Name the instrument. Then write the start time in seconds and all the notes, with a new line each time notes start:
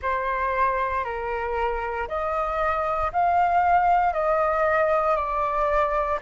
flute
0.01 C5
1.04 A#4
2.08 D#5
3.12 F5
4.13 D#5
5.15 D5